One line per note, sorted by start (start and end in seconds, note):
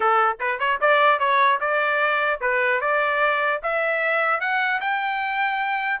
0.00 0.37 A4
0.39 0.59 B4
0.59 0.79 C#5
0.80 1.19 D5
1.19 1.59 C#5
1.60 2.40 D5
2.41 2.80 B4
2.80 3.60 D5
3.62 4.40 E5
4.40 4.80 F#5
4.81 6.00 G5